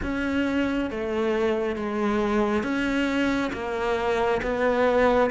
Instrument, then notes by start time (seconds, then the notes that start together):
cello
0.02 C#4
0.90 A3
1.76 G#3
2.63 C#4
3.53 A#3
4.42 B3